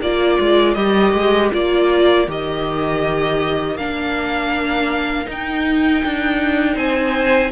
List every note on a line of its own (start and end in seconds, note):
0.00 0.38 A#3
0.00 0.76 F4
0.00 6.75 A#4
0.00 0.74 D5
0.39 0.76 G#3
0.74 1.13 G3
0.74 1.51 G4
0.74 1.49 D#5
1.13 1.51 G#3
1.51 2.27 A#3
1.51 2.26 F4
1.51 2.28 D5
2.27 3.77 D#3
2.27 3.77 G4
2.27 3.77 D#5
3.77 5.27 A#3
3.77 5.25 D4
3.77 5.27 F5
5.25 7.50 D#4
5.25 6.03 D#4
5.25 6.77 G5
6.04 6.76 D4
6.75 7.51 C4
6.75 7.50 C5
6.75 7.52 G#5